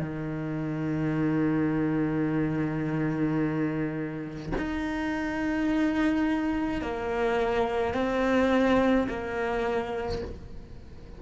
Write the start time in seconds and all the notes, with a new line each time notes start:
0.00 D#3
4.58 D#4
6.82 A#3
7.95 C4
9.09 A#3